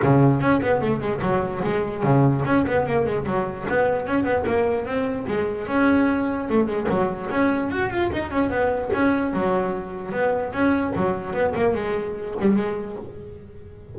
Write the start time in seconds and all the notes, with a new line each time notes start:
0.02 C#3
0.40 C#4
0.61 B3
0.81 A3
1.00 G#3
1.21 F#3
1.63 G#3
2.03 C#3
2.45 C#4
2.66 B3
2.86 A#3
3.06 G#3
3.25 F#3
3.69 B3
4.07 C#4
4.24 B3
4.46 A#3
4.85 C4
5.27 G#3
5.67 C#4
6.49 A3
6.66 G#3
6.89 F#3
7.30 C#4
7.70 F#4
7.90 F4
8.12 D#4
8.30 C#4
8.50 B3
8.93 C#4
9.33 F#3
10.12 B3
10.53 C#4
10.96 F#3
11.33 B3
11.55 A#3
11.74 G#3
12.40 G3
12.55 G#3